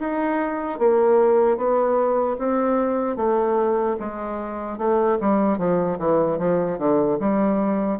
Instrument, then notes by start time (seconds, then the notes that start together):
bassoon
0.00 D#4
0.79 A#3
1.58 B3
2.39 C4
3.17 A3
4.00 G#3
4.79 A3
5.21 G3
5.59 F3
5.99 E3
6.39 F3
6.79 D3
7.20 G3